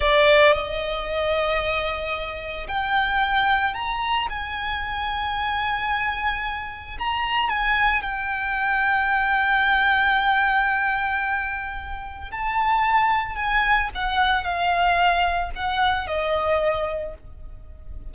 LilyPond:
\new Staff \with { instrumentName = "violin" } { \time 4/4 \tempo 4 = 112 d''4 dis''2.~ | dis''4 g''2 ais''4 | gis''1~ | gis''4 ais''4 gis''4 g''4~ |
g''1~ | g''2. a''4~ | a''4 gis''4 fis''4 f''4~ | f''4 fis''4 dis''2 | }